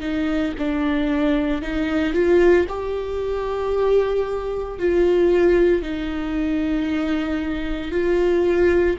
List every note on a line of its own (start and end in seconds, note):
0.00 0.53 D#4
0.58 1.62 D4
1.62 2.13 D#4
2.13 2.66 F4
2.69 4.79 G4
4.79 5.82 F4
5.82 7.91 D#4
7.91 8.97 F4